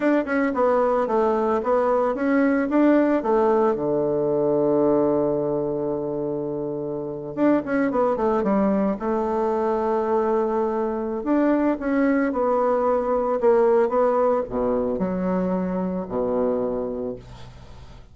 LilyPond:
\new Staff \with { instrumentName = "bassoon" } { \time 4/4 \tempo 4 = 112 d'8 cis'8 b4 a4 b4 | cis'4 d'4 a4 d4~ | d1~ | d4.~ d16 d'8 cis'8 b8 a8 g16~ |
g8. a2.~ a16~ | a4 d'4 cis'4 b4~ | b4 ais4 b4 b,4 | fis2 b,2 | }